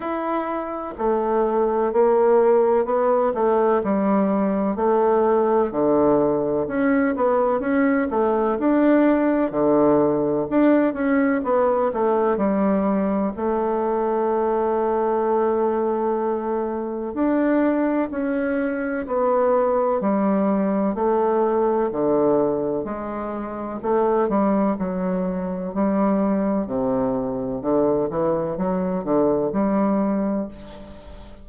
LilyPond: \new Staff \with { instrumentName = "bassoon" } { \time 4/4 \tempo 4 = 63 e'4 a4 ais4 b8 a8 | g4 a4 d4 cis'8 b8 | cis'8 a8 d'4 d4 d'8 cis'8 | b8 a8 g4 a2~ |
a2 d'4 cis'4 | b4 g4 a4 d4 | gis4 a8 g8 fis4 g4 | c4 d8 e8 fis8 d8 g4 | }